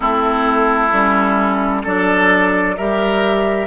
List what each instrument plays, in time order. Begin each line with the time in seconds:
0.00 bassoon A3, clarinet C4, oboe E4, flute A4
0.92 bassoon G3, clarinet C#4
1.83 bassoon F#3, clarinet D4, oboe A4, flute D5
2.76 bassoon G3, clarinet G4, oboe A#4, flute E5